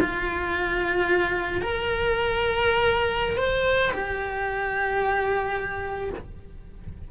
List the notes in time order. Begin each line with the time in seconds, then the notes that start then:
0.00 F4
1.62 A#4
3.37 C5
3.92 G4